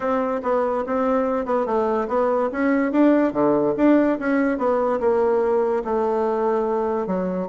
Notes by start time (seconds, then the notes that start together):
0.00 C4
0.42 B3
0.86 C4
1.45 B3
1.66 A3
2.08 B3
2.52 C#4
2.92 D4
3.32 D3
3.76 D4
4.19 C#4
4.58 B3
5.00 A#3
5.84 A3
7.06 F#3